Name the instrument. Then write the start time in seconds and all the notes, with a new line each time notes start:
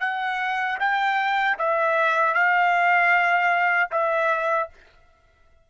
trumpet
0.00 F#5
0.79 G5
1.58 E5
2.34 F5
3.91 E5